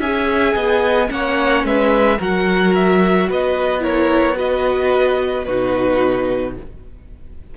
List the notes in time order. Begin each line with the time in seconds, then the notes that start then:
0.00 C#4 G#4 E5 G#5
0.54 B3 D#5
1.08 A#3 C#4 C#5 F#5
1.64 G#3 B4 E5
2.18 F#3 F#4 A#4 F#5
2.75 E5
3.30 B3 B4 D#5
3.80 E4 A#4 C#5
4.35 F#4 B4 D#5
5.45 B2 D#4 F#4 B4